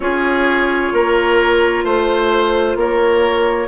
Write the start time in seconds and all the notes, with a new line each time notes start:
0.00 C#4 F4 G#4 C#5
0.92 A#3 A#4
1.83 A3 C5
2.75 A#3 A#4 C#5